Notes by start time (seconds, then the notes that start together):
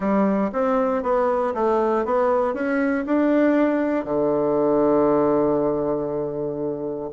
0.00 G3
0.52 C4
1.02 B3
1.54 A3
2.05 B3
2.54 C#4
3.06 D4
4.04 D3